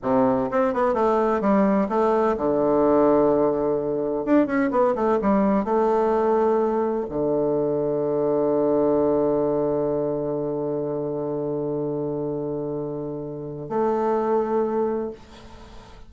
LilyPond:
\new Staff \with { instrumentName = "bassoon" } { \time 4/4 \tempo 4 = 127 c4 c'8 b8 a4 g4 | a4 d2.~ | d4 d'8 cis'8 b8 a8 g4 | a2. d4~ |
d1~ | d1~ | d1~ | d4 a2. | }